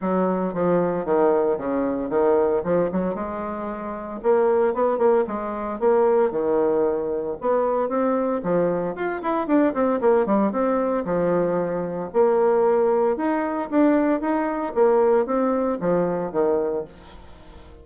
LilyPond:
\new Staff \with { instrumentName = "bassoon" } { \time 4/4 \tempo 4 = 114 fis4 f4 dis4 cis4 | dis4 f8 fis8 gis2 | ais4 b8 ais8 gis4 ais4 | dis2 b4 c'4 |
f4 f'8 e'8 d'8 c'8 ais8 g8 | c'4 f2 ais4~ | ais4 dis'4 d'4 dis'4 | ais4 c'4 f4 dis4 | }